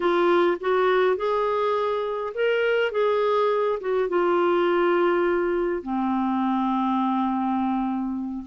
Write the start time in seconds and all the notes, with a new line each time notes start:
0.00 F4
0.60 F#4
1.16 G#4
2.34 A#4
2.91 G#4
3.80 F#4
4.09 F4
5.82 C4